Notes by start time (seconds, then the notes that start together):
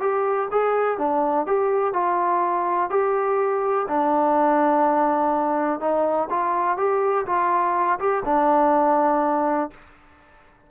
0.00 G4
0.51 G#4
0.98 D4
1.46 G4
1.93 F4
2.90 G4
3.88 D4
5.80 D#4
6.30 F4
6.77 G4
7.26 F4
7.99 G4
8.25 D4